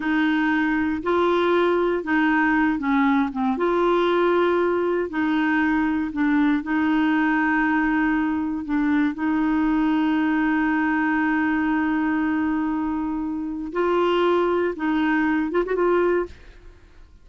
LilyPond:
\new Staff \with { instrumentName = "clarinet" } { \time 4/4 \tempo 4 = 118 dis'2 f'2 | dis'4. cis'4 c'8 f'4~ | f'2 dis'2 | d'4 dis'2.~ |
dis'4 d'4 dis'2~ | dis'1~ | dis'2. f'4~ | f'4 dis'4. f'16 fis'16 f'4 | }